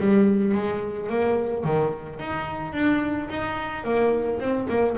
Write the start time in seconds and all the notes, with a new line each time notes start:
0.00 G3
0.55 G#3
1.10 A#3
1.64 D#3
2.20 D#4
2.73 D4
3.30 D#4
3.84 A#3
4.40 C4
4.69 A#3